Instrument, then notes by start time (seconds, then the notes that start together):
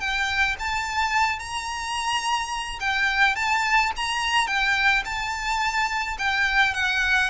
violin
0.00 G5
0.59 A5
1.39 A#5
2.80 G5
3.36 A5
3.96 A#5
4.47 G5
5.05 A5
6.19 G5
6.74 F#5